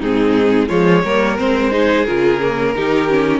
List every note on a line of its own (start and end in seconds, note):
0.00 0.69 G#2
0.00 0.69 C4
0.00 0.68 D#4
0.00 0.68 G#4
0.68 1.03 F3
0.68 1.03 G#3
0.68 1.02 F4
0.68 1.36 C#5
1.04 1.38 G3
1.04 1.37 A#3
1.04 1.72 A#4
1.37 2.07 G#3
1.37 1.71 C4
1.37 2.05 C5
1.71 2.05 D#4
1.71 2.75 G#4
2.05 2.75 C#3
2.05 2.40 F4
2.05 3.40 A#4
2.41 2.75 A#3
2.75 3.40 D#3
2.75 3.09 D#4
2.75 3.40 G4
3.09 3.40 C#4